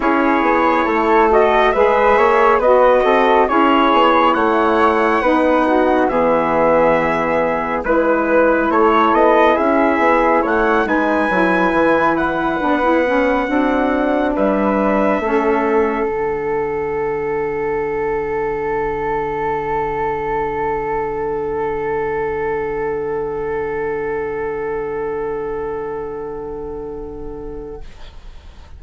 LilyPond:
<<
  \new Staff \with { instrumentName = "trumpet" } { \time 4/4 \tempo 4 = 69 cis''4. dis''8 e''4 dis''4 | cis''4 fis''2 e''4~ | e''4 b'4 cis''8 dis''8 e''4 | fis''8 gis''4. fis''2~ |
fis''8 e''2 fis''4.~ | fis''1~ | fis''1~ | fis''1 | }
  \new Staff \with { instrumentName = "flute" } { \time 4/4 gis'4 a'4 b'8 cis''8 b'8 a'8 | gis'4 cis''4 b'8 fis'8 gis'4~ | gis'4 b'4 a'4 gis'4 | cis''8 b'2. fis'8~ |
fis'8 b'4 a'2~ a'8~ | a'1~ | a'1~ | a'1 | }
  \new Staff \with { instrumentName = "saxophone" } { \time 4/4 e'4. fis'8 gis'4 fis'4 | e'2 dis'4 b4~ | b4 e'2.~ | e'8 dis'8 e'4. d'16 e'16 cis'8 d'8~ |
d'4. cis'4 d'4.~ | d'1~ | d'1~ | d'1 | }
  \new Staff \with { instrumentName = "bassoon" } { \time 4/4 cis'8 b8 a4 gis8 ais8 b8 c'8 | cis'8 b8 a4 b4 e4~ | e4 gis4 a8 b8 cis'8 b8 | a8 gis8 fis8 e4 b4 c'8~ |
c'8 g4 a4 d4.~ | d1~ | d1~ | d1 | }
>>